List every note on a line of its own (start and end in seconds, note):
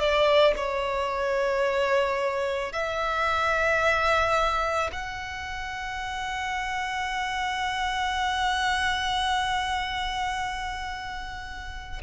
0.00 0.55 D5
0.57 2.73 C#5
2.73 4.91 E5
4.93 12.02 F#5